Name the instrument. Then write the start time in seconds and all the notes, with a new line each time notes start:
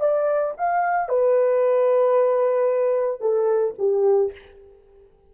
horn
0.00 D5
0.58 F5
1.09 B4
3.21 A4
3.78 G4